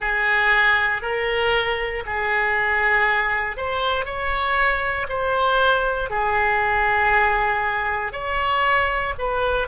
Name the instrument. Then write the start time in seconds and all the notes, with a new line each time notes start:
oboe
0.00 G#4
1.02 A#4
2.06 G#4
3.56 C5
4.05 C#5
5.08 C5
6.10 G#4
8.12 C#5
9.18 B4